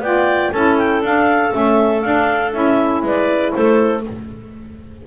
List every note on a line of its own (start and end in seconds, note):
0.00 0.50 B3
0.00 0.53 F4
0.00 0.52 D5
0.00 0.52 G5
0.52 1.02 C#4
0.52 1.04 E4
0.52 3.02 A4
0.52 0.77 A5
0.77 1.02 G5
1.02 1.52 D4
1.02 1.54 F5
1.52 2.05 A3
1.52 2.02 C#4
1.52 2.02 E5
2.02 2.53 D4
2.02 2.54 D4
2.02 2.52 F5
2.53 3.02 C#4
2.53 4.03 E4
2.53 3.03 E5
3.02 3.52 G#3
3.02 3.54 B4
3.02 3.53 D5
3.53 4.07 A3
3.53 4.04 A4
3.53 4.03 C5